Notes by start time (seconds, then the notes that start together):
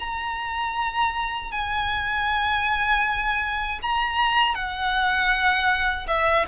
0.00 A#5
1.52 G#5
3.83 A#5
4.55 F#5
6.08 E5